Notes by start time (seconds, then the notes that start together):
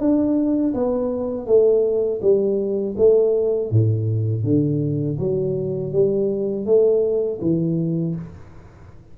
0.00 D4
0.74 B3
1.47 A3
2.22 G3
2.98 A3
3.71 A2
4.44 D3
5.19 F#3
5.93 G3
6.66 A3
7.41 E3